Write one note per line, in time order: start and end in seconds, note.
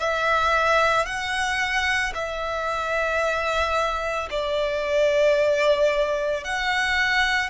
0.00 1.06 E5
1.06 2.13 F#5
2.15 4.29 E5
4.31 6.44 D5
6.44 7.50 F#5